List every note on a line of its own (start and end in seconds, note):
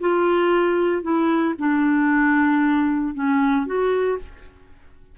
0.00 1.02 F4
1.02 1.54 E4
1.58 3.14 D4
3.14 3.66 C#4
3.66 4.18 F#4